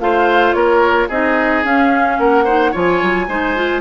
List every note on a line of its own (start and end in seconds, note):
0.00 0.54 A3
0.00 1.10 F4
0.00 0.56 C5
0.00 0.53 F5
0.53 1.09 A#3
0.53 1.08 A#4
0.53 1.08 C#5
1.08 1.64 C4
1.08 1.64 D#4
1.08 2.17 G#4
1.08 1.64 D#5
1.64 2.18 C#4
1.64 2.46 C#4
1.64 2.19 F5
2.19 2.73 A#3
2.19 2.44 A#4
2.19 2.74 F#5
2.44 2.73 D#4
2.44 2.71 C5
2.72 3.02 F3
2.72 3.28 F4
2.72 3.26 C#5
2.72 3.81 G#5
3.02 3.28 F#3
3.28 3.81 G#3
3.28 3.56 D#4
3.28 3.81 C5
3.56 3.81 F4